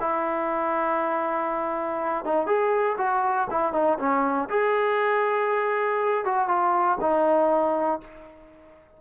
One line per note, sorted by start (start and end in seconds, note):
0.00 2.25 E4
2.25 2.46 D#4
2.46 2.96 G#4
2.97 3.47 F#4
3.50 3.73 E4
3.73 3.98 D#4
3.99 4.49 C#4
4.50 6.25 G#4
6.25 6.48 F#4
6.48 6.98 F4
7.00 8.00 D#4